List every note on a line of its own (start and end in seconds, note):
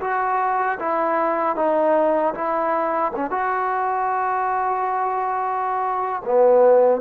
0.00 0.78 F#4
0.79 1.56 E4
1.56 2.34 D#4
2.34 3.12 E4
3.15 3.30 C#4
3.30 6.22 F#4
6.24 7.01 B3